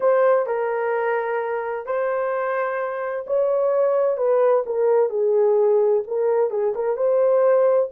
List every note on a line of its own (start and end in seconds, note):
0.00 0.46 C5
0.46 1.85 A#4
1.85 3.25 C5
3.26 4.17 C#5
4.17 4.63 B4
4.66 5.09 A#4
5.09 6.02 G#4
6.07 6.50 A#4
6.50 6.73 G#4
6.75 6.96 A#4
6.96 7.89 C5